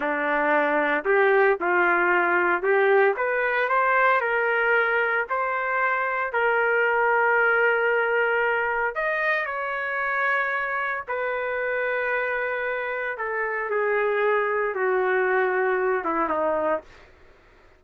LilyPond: \new Staff \with { instrumentName = "trumpet" } { \time 4/4 \tempo 4 = 114 d'2 g'4 f'4~ | f'4 g'4 b'4 c''4 | ais'2 c''2 | ais'1~ |
ais'4 dis''4 cis''2~ | cis''4 b'2.~ | b'4 a'4 gis'2 | fis'2~ fis'8 e'8 dis'4 | }